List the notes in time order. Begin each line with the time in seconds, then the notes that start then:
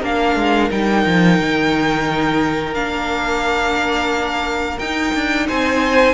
0.00 A#3 D4 A#4 F5
0.36 G#3
0.70 G3 D#4 G5
1.06 F3
1.39 D#3
2.73 A#3 D4 F5
4.79 D#4 G5
5.14 D4
5.47 C4 C5 G#5